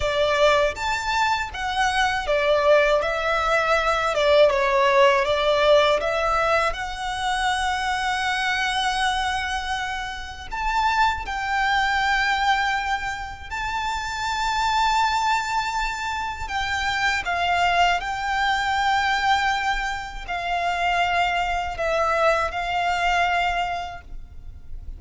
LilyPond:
\new Staff \with { instrumentName = "violin" } { \time 4/4 \tempo 4 = 80 d''4 a''4 fis''4 d''4 | e''4. d''8 cis''4 d''4 | e''4 fis''2.~ | fis''2 a''4 g''4~ |
g''2 a''2~ | a''2 g''4 f''4 | g''2. f''4~ | f''4 e''4 f''2 | }